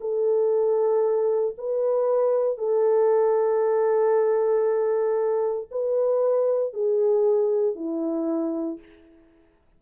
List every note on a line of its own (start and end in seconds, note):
0.00 1.55 A4
1.58 2.57 B4
2.57 5.68 A4
5.71 6.73 B4
6.73 7.75 G#4
7.75 8.78 E4